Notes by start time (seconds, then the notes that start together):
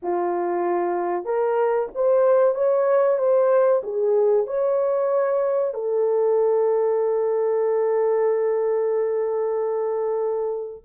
0.02 F4
1.24 A#4
1.94 C5
2.54 C#5
3.18 C5
3.83 G#4
4.46 C#5
5.73 A4